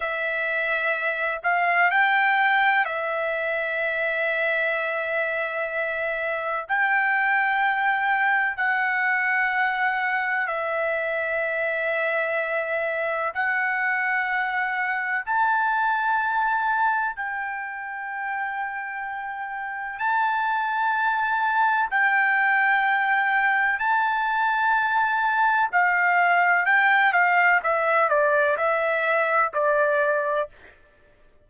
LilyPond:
\new Staff \with { instrumentName = "trumpet" } { \time 4/4 \tempo 4 = 63 e''4. f''8 g''4 e''4~ | e''2. g''4~ | g''4 fis''2 e''4~ | e''2 fis''2 |
a''2 g''2~ | g''4 a''2 g''4~ | g''4 a''2 f''4 | g''8 f''8 e''8 d''8 e''4 d''4 | }